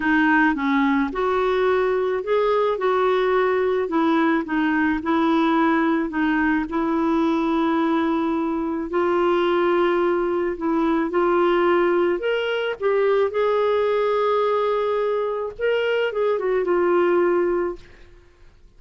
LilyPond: \new Staff \with { instrumentName = "clarinet" } { \time 4/4 \tempo 4 = 108 dis'4 cis'4 fis'2 | gis'4 fis'2 e'4 | dis'4 e'2 dis'4 | e'1 |
f'2. e'4 | f'2 ais'4 g'4 | gis'1 | ais'4 gis'8 fis'8 f'2 | }